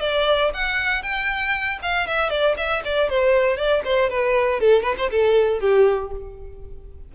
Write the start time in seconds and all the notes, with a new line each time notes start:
0.00 D5
0.54 F#5
1.02 G5
1.82 F5
2.07 E5
2.30 D5
2.57 E5
2.84 D5
3.09 C5
3.57 D5
3.85 C5
4.09 B4
4.60 A4
4.82 B4
4.97 C5
5.10 A4
5.60 G4